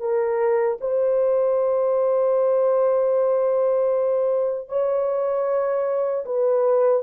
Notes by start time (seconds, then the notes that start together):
0.00 A#4
0.81 C5
4.69 C#5
6.26 B4